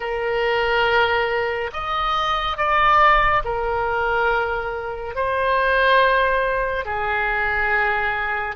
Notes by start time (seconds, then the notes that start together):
0.00 A#4
1.72 D#5
2.57 D5
3.44 A#4
5.15 C5
6.85 G#4